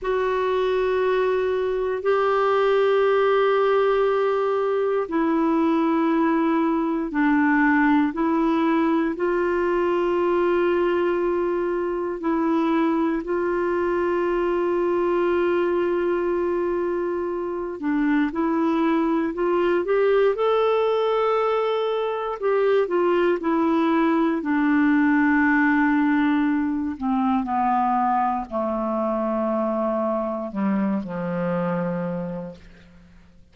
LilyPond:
\new Staff \with { instrumentName = "clarinet" } { \time 4/4 \tempo 4 = 59 fis'2 g'2~ | g'4 e'2 d'4 | e'4 f'2. | e'4 f'2.~ |
f'4. d'8 e'4 f'8 g'8 | a'2 g'8 f'8 e'4 | d'2~ d'8 c'8 b4 | a2 g8 f4. | }